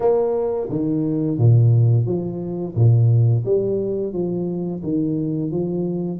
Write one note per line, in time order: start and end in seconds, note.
0.00 0.68 A#3
0.69 1.38 D#3
1.38 2.05 A#2
2.05 2.74 F3
2.75 3.44 A#2
3.45 4.12 G3
4.12 4.81 F3
4.83 5.51 D#3
5.51 6.19 F3